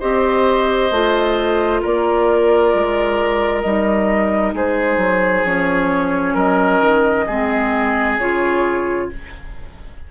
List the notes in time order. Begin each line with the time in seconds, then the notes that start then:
0.00 C4 G4 C5 D#5
0.91 A3 F4
1.82 A#3 A#4 D5
2.74 G#3
3.62 G3 D#4 D#5
4.54 G#3 G#4 C5
4.98 F#3
5.45 F3 C#4 C#5
6.34 F#3 A#4 D#5
6.81 D#3
7.27 G#3 C4 G#4
8.19 C#3 F4 C#5